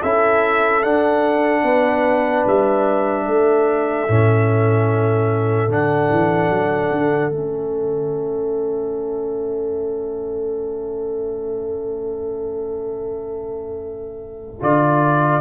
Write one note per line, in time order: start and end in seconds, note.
0.00 0.84 C#4
0.00 0.83 E4
0.00 1.62 A4
0.00 0.83 E5
0.83 4.07 D4
0.83 1.63 D4
0.83 2.45 F#5
1.62 2.44 B3
1.62 3.24 B4
2.46 3.27 G3
2.46 5.72 E5
3.26 4.08 A3
3.26 15.41 A4
4.08 5.68 A2
4.08 5.69 C#4
5.68 6.08 D3
5.68 7.31 D4
5.68 7.31 F#5
6.10 6.49 E3
6.49 6.90 F#3
6.91 7.31 D3
7.31 14.60 A3
7.31 14.60 C#4
7.31 14.61 E5
14.60 15.41 D3
14.60 15.41 F4
14.60 15.41 D5